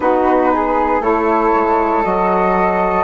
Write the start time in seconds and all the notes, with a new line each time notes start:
0.00 B3 D#4 F#4 B4
0.53 G#4
1.00 A3 E4 A4 C#5
1.54 G#3
2.03 F#3 F#4 D#5